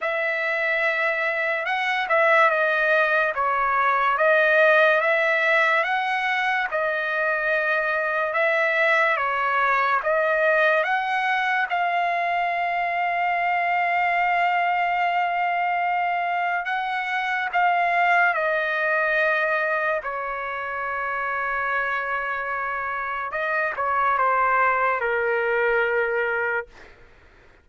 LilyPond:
\new Staff \with { instrumentName = "trumpet" } { \time 4/4 \tempo 4 = 72 e''2 fis''8 e''8 dis''4 | cis''4 dis''4 e''4 fis''4 | dis''2 e''4 cis''4 | dis''4 fis''4 f''2~ |
f''1 | fis''4 f''4 dis''2 | cis''1 | dis''8 cis''8 c''4 ais'2 | }